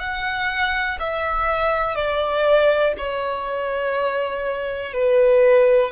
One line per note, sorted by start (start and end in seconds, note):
0.00 0.98 F#5
1.00 1.95 E5
1.95 2.94 D5
2.98 4.94 C#5
4.94 5.92 B4